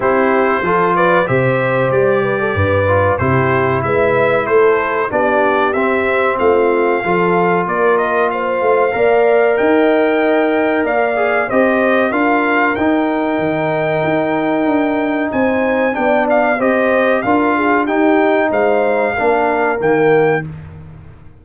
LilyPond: <<
  \new Staff \with { instrumentName = "trumpet" } { \time 4/4 \tempo 4 = 94 c''4. d''8 e''4 d''4~ | d''4 c''4 e''4 c''4 | d''4 e''4 f''2 | d''8 dis''8 f''2 g''4~ |
g''4 f''4 dis''4 f''4 | g''1 | gis''4 g''8 f''8 dis''4 f''4 | g''4 f''2 g''4 | }
  \new Staff \with { instrumentName = "horn" } { \time 4/4 g'4 a'8 b'8 c''4. b'16 a'16 | b'4 g'4 b'4 a'4 | g'2 f'4 a'4 | ais'4 c''4 d''4 dis''4~ |
dis''4 d''4 c''4 ais'4~ | ais'1 | c''4 d''4 c''4 ais'8 gis'8 | g'4 c''4 ais'2 | }
  \new Staff \with { instrumentName = "trombone" } { \time 4/4 e'4 f'4 g'2~ | g'8 f'8 e'2. | d'4 c'2 f'4~ | f'2 ais'2~ |
ais'4. gis'8 g'4 f'4 | dis'1~ | dis'4 d'4 g'4 f'4 | dis'2 d'4 ais4 | }
  \new Staff \with { instrumentName = "tuba" } { \time 4/4 c'4 f4 c4 g4 | g,4 c4 gis4 a4 | b4 c'4 a4 f4 | ais4. a8 ais4 dis'4~ |
dis'4 ais4 c'4 d'4 | dis'4 dis4 dis'4 d'4 | c'4 b4 c'4 d'4 | dis'4 gis4 ais4 dis4 | }
>>